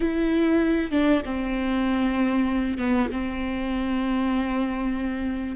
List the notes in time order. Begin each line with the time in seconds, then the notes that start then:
0.00 E4
0.91 D4
1.25 C4
2.78 B3
3.11 C4